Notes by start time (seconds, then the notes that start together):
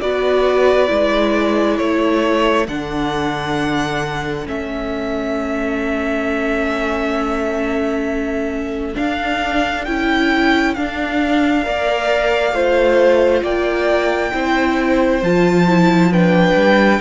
0.00 B3 F#4 B4 D5
0.87 G#3 E4
1.77 A3 A4 C#5
2.68 D3 D4 F#5
4.45 A3 C#4 E5
8.94 D4 F5
9.85 C#4 E4 G5
10.74 D4 F5
11.63 A#3 A#4 D5
12.52 A3 F4 C5
13.42 A#3 D5 G5
14.32 C4 E4 C5
15.22 F3 F4 A5
15.68 E4
16.11 D4 B4 G5
16.54 G3